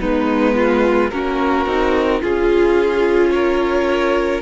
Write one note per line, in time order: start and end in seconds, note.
0.00 1.12 G#3
0.00 1.11 B3
0.00 0.56 D#4
0.00 1.10 B4
0.56 1.12 F4
1.10 1.67 A#3
1.10 1.68 C#4
1.10 2.22 F#4
1.10 2.22 A#4
1.67 2.22 C4
1.67 2.23 D#4
2.22 4.42 C#4
2.22 3.33 F4
2.22 4.42 F4
2.22 3.31 G#4
3.31 4.42 A#4
3.31 4.42 C#5